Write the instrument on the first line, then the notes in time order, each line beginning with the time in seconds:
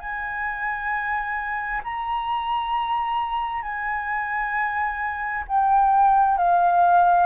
flute
0.00 G#5
1.84 A#5
3.62 G#5
5.48 G5
6.38 F5